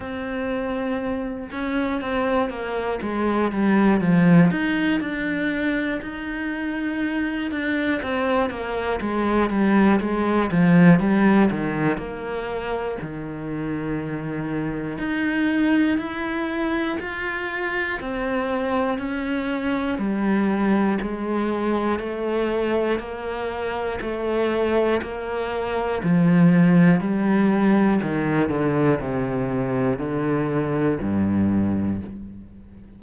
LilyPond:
\new Staff \with { instrumentName = "cello" } { \time 4/4 \tempo 4 = 60 c'4. cis'8 c'8 ais8 gis8 g8 | f8 dis'8 d'4 dis'4. d'8 | c'8 ais8 gis8 g8 gis8 f8 g8 dis8 | ais4 dis2 dis'4 |
e'4 f'4 c'4 cis'4 | g4 gis4 a4 ais4 | a4 ais4 f4 g4 | dis8 d8 c4 d4 g,4 | }